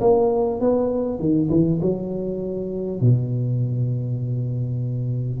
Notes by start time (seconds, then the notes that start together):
0.00 A#3
0.60 B3
1.19 D#3
1.50 E3
1.81 F#3
3.00 B2